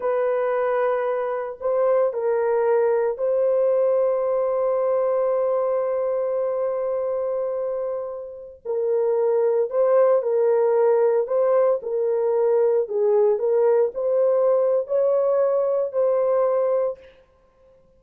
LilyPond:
\new Staff \with { instrumentName = "horn" } { \time 4/4 \tempo 4 = 113 b'2. c''4 | ais'2 c''2~ | c''1~ | c''1~ |
c''16 ais'2 c''4 ais'8.~ | ais'4~ ais'16 c''4 ais'4.~ ais'16~ | ais'16 gis'4 ais'4 c''4.~ c''16 | cis''2 c''2 | }